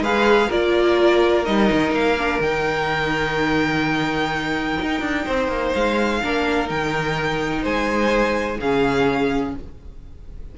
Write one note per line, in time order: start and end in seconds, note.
0.00 0.48 G#3
0.00 0.51 G#4
0.00 0.48 B4
0.00 0.51 F5
0.48 1.47 A#3
0.48 1.45 F4
0.48 5.24 A#4
0.48 1.45 D5
1.45 1.71 G3
1.45 2.16 D#4
1.45 1.93 D#5
1.72 1.91 D#3
1.91 2.39 A#3
1.91 2.41 F5
2.18 2.42 D4
2.40 4.78 D#3
2.40 6.23 D#4
2.40 5.74 G5
4.83 5.01 D#4
5.01 5.25 D4
5.25 5.48 C4
5.25 6.20 C5
5.48 5.72 A#3
5.74 6.23 G#3
5.74 6.69 F5
6.23 6.70 A#3
6.23 6.67 D4
6.23 7.63 A#4
6.67 7.65 D#3
6.67 8.57 D#4
6.67 7.65 G5
7.63 8.59 G#3
7.63 8.58 C5
7.63 8.60 G#5
8.59 9.54 C#3
8.59 9.58 C#4
8.59 9.56 G#4
8.59 9.55 F5